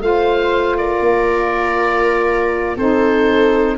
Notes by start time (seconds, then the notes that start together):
0.00 A3 F4 C5 F5
0.78 A#4 D5
1.01 A#3
2.77 C4 D#4 A4 C5